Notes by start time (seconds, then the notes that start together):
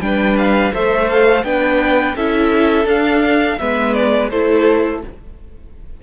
0.00 G3 D4 B4 G5
0.38 F5
0.73 A3 A4 C5 E5
1.09 F5
1.43 B3 D4 B4 G5
2.15 C#4 E4 A4 E5
2.85 D4 F5
3.59 G#3 B3 B4 E5
3.93 D5
4.29 A3 E4 A4 C5